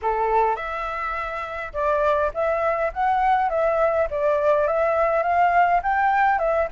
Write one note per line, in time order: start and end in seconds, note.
0.02 0.56 A4
0.56 1.72 E5
1.73 2.31 D5
2.34 2.92 E5
2.93 3.50 F#5
3.50 4.08 E5
4.10 4.67 D5
4.67 5.23 E5
5.23 5.81 F5
5.83 6.39 G5
6.39 6.68 E5